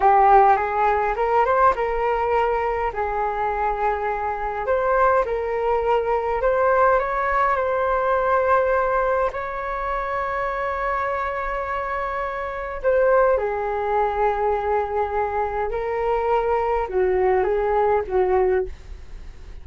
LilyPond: \new Staff \with { instrumentName = "flute" } { \time 4/4 \tempo 4 = 103 g'4 gis'4 ais'8 c''8 ais'4~ | ais'4 gis'2. | c''4 ais'2 c''4 | cis''4 c''2. |
cis''1~ | cis''2 c''4 gis'4~ | gis'2. ais'4~ | ais'4 fis'4 gis'4 fis'4 | }